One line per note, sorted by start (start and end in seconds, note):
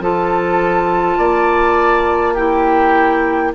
0.00 1.18 F3
0.00 2.36 F4
0.00 1.18 A4
0.00 2.35 A5
1.18 3.53 A#3
1.18 2.34 D5
2.34 3.54 E4
2.34 3.51 G4
2.34 3.52 G5